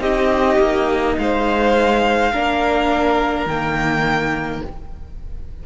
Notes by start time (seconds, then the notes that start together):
0.00 C4 D#4 G4 D#5
0.59 A#3
1.18 G#3 C5 F5
2.32 A#3 D4 A#4
3.46 D#3 A#3 G5